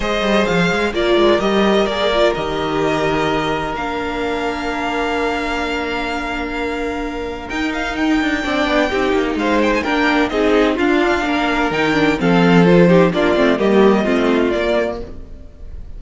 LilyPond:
<<
  \new Staff \with { instrumentName = "violin" } { \time 4/4 \tempo 4 = 128 dis''4 f''4 d''4 dis''4 | d''4 dis''2. | f''1~ | f''1 |
g''8 f''8 g''2. | f''8 g''16 gis''16 g''4 dis''4 f''4~ | f''4 g''4 f''4 c''4 | d''4 dis''2 d''4 | }
  \new Staff \with { instrumentName = "violin" } { \time 4/4 c''2 ais'2~ | ais'1~ | ais'1~ | ais'1~ |
ais'2 d''4 g'4 | c''4 ais'4 gis'4 f'4 | ais'2 a'4. g'8 | f'4 g'4 f'2 | }
  \new Staff \with { instrumentName = "viola" } { \time 4/4 gis'2 f'4 g'4 | gis'8 f'8 g'2. | d'1~ | d'1 |
dis'2 d'4 dis'4~ | dis'4 d'4 dis'4 d'4~ | d'4 dis'8 d'8 c'4 f'8 dis'8 | d'8 c'8 ais4 c'4 ais4 | }
  \new Staff \with { instrumentName = "cello" } { \time 4/4 gis8 g8 f8 gis8 ais8 gis8 g4 | ais4 dis2. | ais1~ | ais1 |
dis'4. d'8 c'8 b8 c'8 ais8 | gis4 ais4 c'4 d'4 | ais4 dis4 f2 | ais8 a8 g4 a4 ais4 | }
>>